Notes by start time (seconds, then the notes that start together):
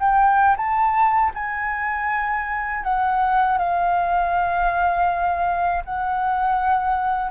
0.00 G5
0.57 A5
1.35 G#5
2.84 F#5
3.58 F5
5.85 F#5